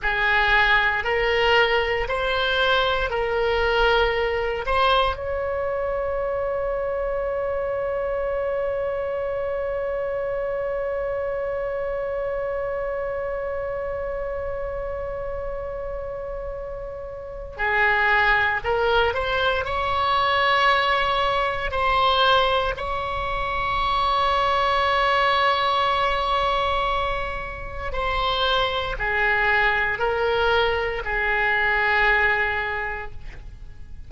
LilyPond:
\new Staff \with { instrumentName = "oboe" } { \time 4/4 \tempo 4 = 58 gis'4 ais'4 c''4 ais'4~ | ais'8 c''8 cis''2.~ | cis''1~ | cis''1~ |
cis''4 gis'4 ais'8 c''8 cis''4~ | cis''4 c''4 cis''2~ | cis''2. c''4 | gis'4 ais'4 gis'2 | }